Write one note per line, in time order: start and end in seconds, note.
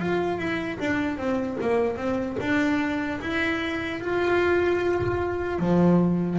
0.00 0.39 F4
0.39 0.79 E4
0.80 1.18 D4
1.18 1.57 C4
1.61 1.97 A#3
1.97 2.37 C4
2.40 3.20 D4
3.21 4.00 E4
4.00 5.59 F4
5.59 6.39 F3